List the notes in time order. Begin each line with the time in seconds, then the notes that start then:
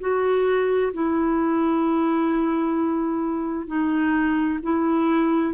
0.00 F#4
0.93 E4
3.67 D#4
4.63 E4